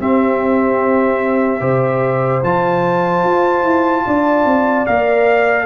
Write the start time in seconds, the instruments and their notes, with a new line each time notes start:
0.00 trombone C4, tuba C4, horn G4, trumpet E5
1.60 tuba C3, trombone G4, horn C5
2.43 tuba F3, trombone F4, trumpet A5
3.24 tuba F4
3.64 tuba E4
4.07 tuba D4, horn D5
4.45 tuba C4
4.86 tuba A#3, trombone A#4, trumpet F5